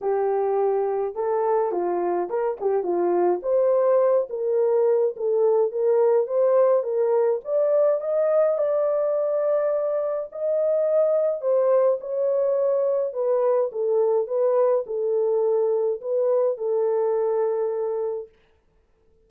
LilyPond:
\new Staff \with { instrumentName = "horn" } { \time 4/4 \tempo 4 = 105 g'2 a'4 f'4 | ais'8 g'8 f'4 c''4. ais'8~ | ais'4 a'4 ais'4 c''4 | ais'4 d''4 dis''4 d''4~ |
d''2 dis''2 | c''4 cis''2 b'4 | a'4 b'4 a'2 | b'4 a'2. | }